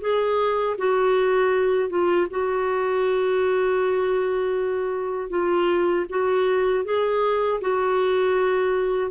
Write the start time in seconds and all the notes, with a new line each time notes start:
0.00 G#4
0.78 F#4
1.89 F4
2.30 F#4
5.30 F4
6.09 F#4
6.84 G#4
7.61 F#4